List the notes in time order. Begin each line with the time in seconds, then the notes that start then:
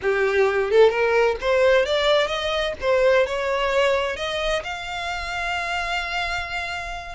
0.02 G4
0.70 A4
0.90 A#4
1.41 C5
1.85 D5
2.27 D#5
2.80 C5
3.26 C#5
4.16 D#5
4.63 F5